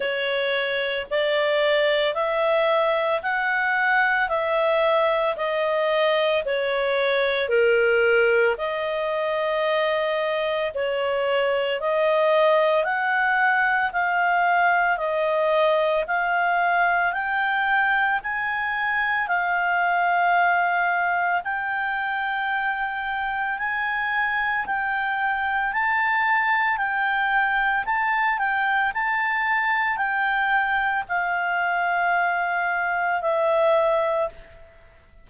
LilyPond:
\new Staff \with { instrumentName = "clarinet" } { \time 4/4 \tempo 4 = 56 cis''4 d''4 e''4 fis''4 | e''4 dis''4 cis''4 ais'4 | dis''2 cis''4 dis''4 | fis''4 f''4 dis''4 f''4 |
g''4 gis''4 f''2 | g''2 gis''4 g''4 | a''4 g''4 a''8 g''8 a''4 | g''4 f''2 e''4 | }